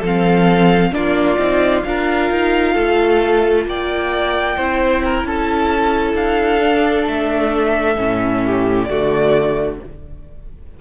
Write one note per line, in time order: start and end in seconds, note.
0.00 0.92 F3
0.00 0.92 C4
0.00 0.91 A4
0.06 0.94 F5
0.92 1.38 A#3
0.92 1.38 D4
0.92 1.87 F4
0.92 1.83 D5
1.38 1.84 C4
1.38 1.84 D#4
1.83 2.30 D4
1.83 4.58 F4
1.83 2.74 A#4
1.83 3.65 F5
2.30 2.76 D#4
2.74 3.66 A3
2.74 3.65 A4
3.66 4.57 A#3
3.66 4.57 D5
3.66 5.27 G5
4.57 5.24 C4
4.57 6.60 E4
4.57 5.03 C5
5.05 5.27 A#4
5.24 6.14 C#4
5.24 8.45 A4
5.24 6.16 A5
6.14 7.05 D4
6.14 7.07 F5
6.60 7.97 D4
7.06 7.97 A3
7.06 8.84 E5
7.97 8.89 A2
7.97 8.88 C#4
8.46 8.89 G4
8.84 9.80 D3
8.84 9.80 F#4
8.84 9.75 D5
8.90 9.81 A3